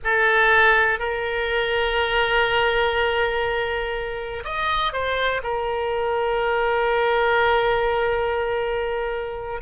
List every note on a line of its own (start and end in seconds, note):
0.04 0.99 A4
0.99 4.43 A#4
4.44 4.92 D#5
4.92 5.41 C5
5.43 9.61 A#4